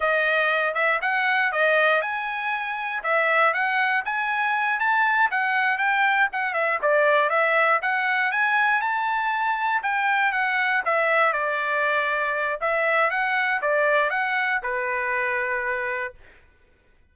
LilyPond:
\new Staff \with { instrumentName = "trumpet" } { \time 4/4 \tempo 4 = 119 dis''4. e''8 fis''4 dis''4 | gis''2 e''4 fis''4 | gis''4. a''4 fis''4 g''8~ | g''8 fis''8 e''8 d''4 e''4 fis''8~ |
fis''8 gis''4 a''2 g''8~ | g''8 fis''4 e''4 d''4.~ | d''4 e''4 fis''4 d''4 | fis''4 b'2. | }